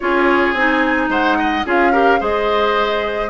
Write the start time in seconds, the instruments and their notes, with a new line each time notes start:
0.00 bassoon C#4, clarinet F4, oboe G#4, flute C#5
0.53 bassoon C4, clarinet D#4, flute G#5
1.08 bassoon G#3, oboe C5, flute F#5
1.38 oboe D#5
1.65 bassoon C#4, clarinet F4, oboe G#4, flute F5
1.92 clarinet G4, oboe A#4
2.19 bassoon G#3, clarinet G#4, oboe C5, flute D#5